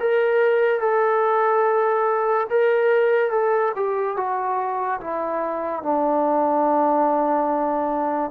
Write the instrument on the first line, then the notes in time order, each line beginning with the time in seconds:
trombone
0.00 A#4
0.81 A4
2.50 A#4
3.31 A4
3.76 G4
4.17 F#4
5.01 E4
5.83 D4